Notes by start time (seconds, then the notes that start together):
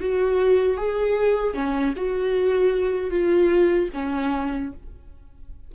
0.00 F#4
0.77 G#4
1.54 C#4
1.96 F#4
3.10 F4
3.93 C#4